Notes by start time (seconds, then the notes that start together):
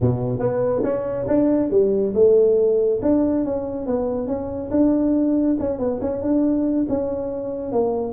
0.01 B2
0.39 B3
0.83 C#4
1.27 D4
1.70 G3
2.14 A3
3.02 D4
3.45 C#4
3.86 B3
4.27 C#4
4.70 D4
5.59 C#4
5.78 B3
6.01 C#4
6.21 D4
6.88 C#4
7.71 A#3